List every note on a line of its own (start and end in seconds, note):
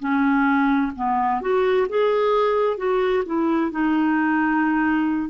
0.00 0.92 C#4
0.96 1.41 B3
1.41 1.88 F#4
1.89 2.78 G#4
2.78 3.24 F#4
3.26 3.72 E4
3.72 5.30 D#4